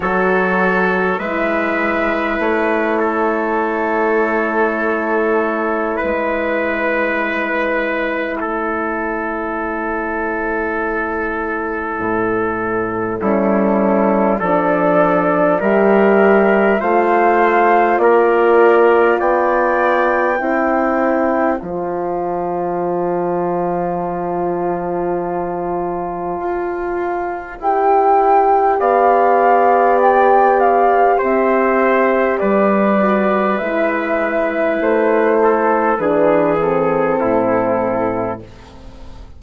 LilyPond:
<<
  \new Staff \with { instrumentName = "flute" } { \time 4/4 \tempo 4 = 50 cis''4 e''4 cis''2~ | cis''4 b'2 cis''4~ | cis''2. a'4 | d''4 e''4 f''4 d''4 |
g''2 a''2~ | a''2. g''4 | f''4 g''8 f''8 e''4 d''4 | e''4 c''4 b'8 a'4. | }
  \new Staff \with { instrumentName = "trumpet" } { \time 4/4 a'4 b'4. a'4.~ | a'4 b'2 a'4~ | a'2. e'4 | a'4 ais'4 c''4 ais'4 |
d''4 c''2.~ | c''1 | d''2 c''4 b'4~ | b'4. a'8 gis'4 e'4 | }
  \new Staff \with { instrumentName = "horn" } { \time 4/4 fis'4 e'2.~ | e'1~ | e'2. cis'4 | d'4 g'4 f'2~ |
f'4 e'4 f'2~ | f'2. g'4~ | g'2.~ g'8 fis'8 | e'2 d'8 c'4. | }
  \new Staff \with { instrumentName = "bassoon" } { \time 4/4 fis4 gis4 a2~ | a4 gis2 a4~ | a2 a,4 g4 | f4 g4 a4 ais4 |
b4 c'4 f2~ | f2 f'4 e'4 | b2 c'4 g4 | gis4 a4 e4 a,4 | }
>>